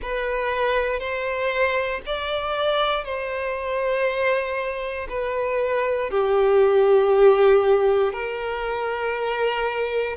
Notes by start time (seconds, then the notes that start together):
0.02 B4
0.99 C5
2.06 D5
3.04 C5
5.08 B4
6.10 G4
8.13 A#4